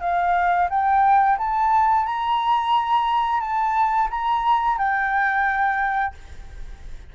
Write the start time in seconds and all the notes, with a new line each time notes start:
0.00 F5
0.69 G5
1.38 A5
2.05 A#5
3.40 A5
4.10 A#5
4.78 G5